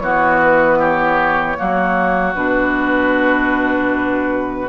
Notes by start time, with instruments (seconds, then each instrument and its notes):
0.00 bassoon E3, clarinet B3, oboe F#4, flute C#5
0.43 flute B4
0.79 oboe G4, flute C#5
1.56 bassoon F#3, clarinet A#3, oboe F#4
2.34 bassoon B2, clarinet D4, flute B4